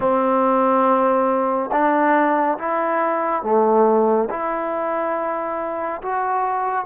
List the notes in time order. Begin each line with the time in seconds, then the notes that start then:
0.00 C4
1.72 D4
2.58 E4
3.42 A3
4.30 E4
6.02 F#4